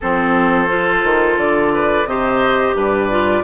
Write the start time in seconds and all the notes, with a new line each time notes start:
0.00 F3 C4 A4 C5
0.68 F4
1.04 D#3
1.37 D3 D5
1.74 B4
2.05 C3 G4 C5 D#5
2.74 G2 B4 D5
3.10 F4